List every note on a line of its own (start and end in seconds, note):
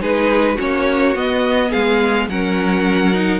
0.00 0.57 G#3
0.00 0.57 D#4
0.00 0.54 G#4
0.00 0.58 B4
0.54 1.15 A#3
0.54 1.14 C#4
0.54 1.68 F#4
0.54 1.17 C#5
1.15 1.72 B3
1.15 2.29 B3
1.15 1.71 D#5
1.69 2.28 G#3
1.69 2.26 G#4
1.69 2.28 F5
2.28 3.39 F#3
2.28 3.13 C#4
2.28 3.39 A#4
2.28 3.39 F#5
3.13 3.39 D#4